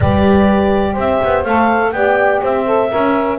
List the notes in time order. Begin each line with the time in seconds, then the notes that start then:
0.00 G3 G4 B4 D5
0.92 C4 C5
0.99 E5
1.24 B3
1.43 A3 A4 F5
1.91 B3 G4 D5 G5
2.41 C4 C5 E5
2.65 A4
2.90 C#4 A#4 E5